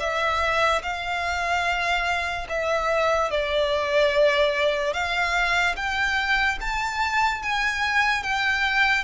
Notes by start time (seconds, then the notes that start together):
0.00 E5
0.83 F5
2.49 E5
3.31 D5
4.94 F5
5.76 G5
6.61 A5
7.43 G#5
8.23 G5